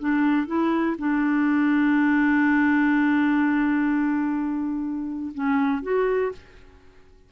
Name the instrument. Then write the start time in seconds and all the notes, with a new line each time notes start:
clarinet
0.00 D4
0.47 E4
0.98 D4
5.35 C#4
5.83 F#4